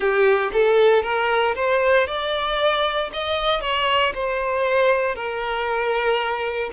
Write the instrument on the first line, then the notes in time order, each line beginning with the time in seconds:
violin
0.00 G4
0.53 A4
1.03 A#4
1.55 C5
2.07 D5
3.13 D#5
3.61 C#5
4.14 C5
5.14 A#4